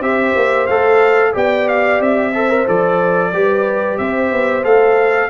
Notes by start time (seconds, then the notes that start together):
0.00 C4 G4 C5 E5
0.36 A#3
0.67 A3 A4 F5
1.33 B3 G4 D5 G5
1.68 F5
2.00 C4 E5
2.34 A4 C5
2.49 A#4
2.66 F3 A4 D5
3.33 G3 G4 B4
3.98 C4 C5 E5
4.31 B3
4.64 A3 A4 F5